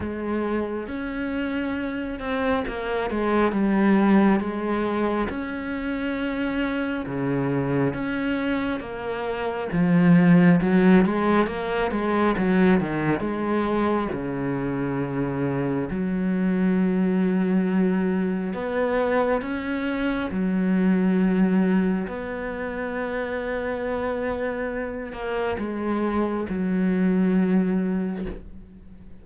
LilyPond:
\new Staff \with { instrumentName = "cello" } { \time 4/4 \tempo 4 = 68 gis4 cis'4. c'8 ais8 gis8 | g4 gis4 cis'2 | cis4 cis'4 ais4 f4 | fis8 gis8 ais8 gis8 fis8 dis8 gis4 |
cis2 fis2~ | fis4 b4 cis'4 fis4~ | fis4 b2.~ | b8 ais8 gis4 fis2 | }